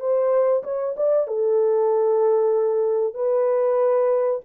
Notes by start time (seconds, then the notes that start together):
0.00 C5
0.64 C#5
0.97 D5
1.27 A4
3.14 B4